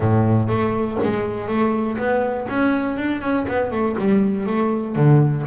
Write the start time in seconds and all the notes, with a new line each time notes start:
0.00 A2
0.48 A3
1.03 G#3
1.47 A3
1.97 B3
2.49 C#4
2.97 D4
3.21 C#4
3.47 B3
3.71 A3
3.98 G3
4.46 A3
4.95 D3